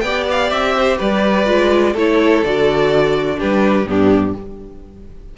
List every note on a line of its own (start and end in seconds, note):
0.00 0.50 B3
0.00 1.45 G4
0.00 0.75 D5
0.00 0.24 G5
0.30 0.49 F5
0.49 0.98 C4
0.49 0.97 E5
0.76 0.97 C5
0.97 1.47 G3
0.97 1.93 B4
0.97 1.96 D5
1.45 1.94 G#3
1.45 1.93 F4
1.93 2.42 A3
1.93 2.44 E4
1.93 3.37 A4
1.93 2.44 C#5
2.44 3.41 D3
2.44 3.36 F#4
2.44 3.40 D5
3.36 3.85 G3
3.36 3.84 D4
3.36 3.86 G4
3.36 3.88 B4
3.85 4.33 G2
3.85 4.34 B3
3.85 4.37 D4
3.85 4.36 G4